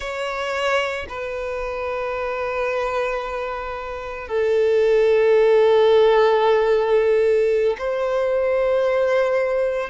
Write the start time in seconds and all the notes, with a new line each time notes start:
0.00 C#5
1.08 B4
4.28 A4
7.78 C5